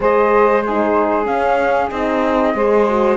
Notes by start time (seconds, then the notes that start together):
0.00 G#3 G#4 C5 D#5
0.61 G#4 C5
0.68 D#4
1.23 C#4 F5
1.90 C4 D#4 D#5
2.54 G#3 G#4 C5
2.88 F#4